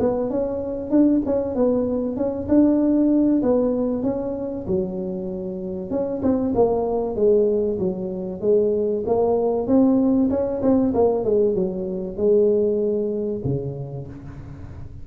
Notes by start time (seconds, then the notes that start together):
0.00 B3
0.30 C#4
0.91 D4
1.26 C#4
1.56 B3
2.17 C#4
2.49 D4
3.43 B3
4.03 C#4
4.68 F#3
5.91 C#4
6.23 C4
6.55 A#3
7.16 G#3
7.79 F#3
8.41 G#3
9.07 A#3
9.68 C4
10.30 C#4
10.62 C4
10.95 A#3
11.25 G#3
11.55 F#3
12.17 G#3
13.45 C#3